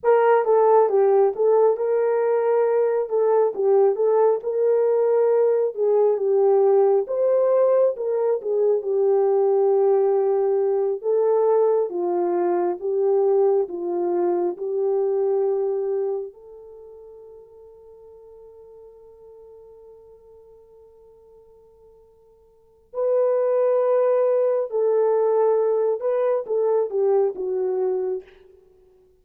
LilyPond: \new Staff \with { instrumentName = "horn" } { \time 4/4 \tempo 4 = 68 ais'8 a'8 g'8 a'8 ais'4. a'8 | g'8 a'8 ais'4. gis'8 g'4 | c''4 ais'8 gis'8 g'2~ | g'8 a'4 f'4 g'4 f'8~ |
f'8 g'2 a'4.~ | a'1~ | a'2 b'2 | a'4. b'8 a'8 g'8 fis'4 | }